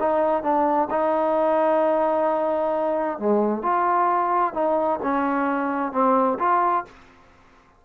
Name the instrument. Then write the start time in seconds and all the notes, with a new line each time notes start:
trombone
0.00 D#4
0.43 D4
0.90 D#4
3.19 G#3
3.63 F4
4.54 D#4
5.03 C#4
5.92 C4
6.39 F4